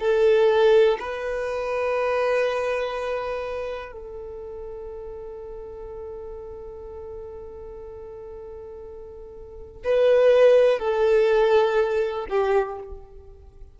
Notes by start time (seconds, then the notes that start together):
0.00 A4
0.99 B4
3.93 A4
9.85 B4
10.79 A4
12.30 G4